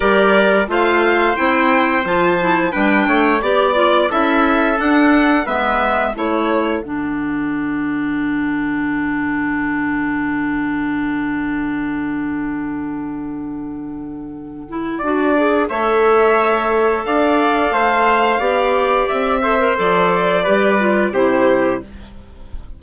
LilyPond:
<<
  \new Staff \with { instrumentName = "violin" } { \time 4/4 \tempo 4 = 88 d''4 f''4 g''4 a''4 | g''4 d''4 e''4 fis''4 | e''4 cis''4 fis''2~ | fis''1~ |
fis''1~ | fis''2. e''4~ | e''4 f''2. | e''4 d''2 c''4 | }
  \new Staff \with { instrumentName = "trumpet" } { \time 4/4 ais'4 c''2. | b'8 cis''8 d''4 a'2 | b'4 a'2.~ | a'1~ |
a'1~ | a'2 d''4 cis''4~ | cis''4 d''4 c''4 d''4~ | d''8 c''4. b'4 g'4 | }
  \new Staff \with { instrumentName = "clarinet" } { \time 4/4 g'4 f'4 e'4 f'8 e'8 | d'4 g'8 f'8 e'4 d'4 | b4 e'4 d'2~ | d'1~ |
d'1~ | d'4. e'8 fis'8 gis'8 a'4~ | a'2. g'4~ | g'8 a'16 ais'16 a'4 g'8 f'8 e'4 | }
  \new Staff \with { instrumentName = "bassoon" } { \time 4/4 g4 a4 c'4 f4 | g8 a8 b4 cis'4 d'4 | gis4 a4 d2~ | d1~ |
d1~ | d2 d'4 a4~ | a4 d'4 a4 b4 | c'4 f4 g4 c4 | }
>>